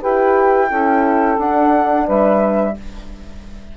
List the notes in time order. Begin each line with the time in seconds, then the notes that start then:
0.00 E4 G4 B4 G5
0.69 C#4 E4 A4
1.37 D4 F#5
2.05 G3 B4 E5